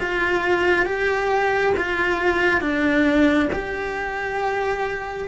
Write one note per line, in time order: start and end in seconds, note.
0.00 0.86 F4
0.86 1.74 G4
1.77 2.61 F4
2.61 3.50 D4
3.53 5.29 G4